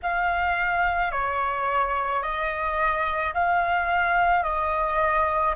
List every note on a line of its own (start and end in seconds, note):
0.02 1.11 F5
1.11 2.22 C#5
2.22 3.33 D#5
3.34 4.43 F5
4.43 5.54 D#5